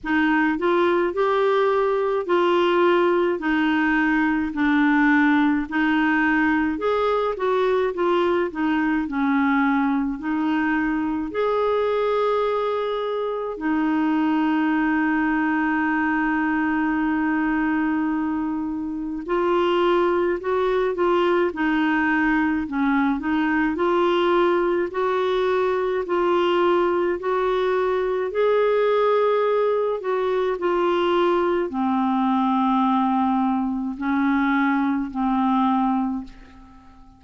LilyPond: \new Staff \with { instrumentName = "clarinet" } { \time 4/4 \tempo 4 = 53 dis'8 f'8 g'4 f'4 dis'4 | d'4 dis'4 gis'8 fis'8 f'8 dis'8 | cis'4 dis'4 gis'2 | dis'1~ |
dis'4 f'4 fis'8 f'8 dis'4 | cis'8 dis'8 f'4 fis'4 f'4 | fis'4 gis'4. fis'8 f'4 | c'2 cis'4 c'4 | }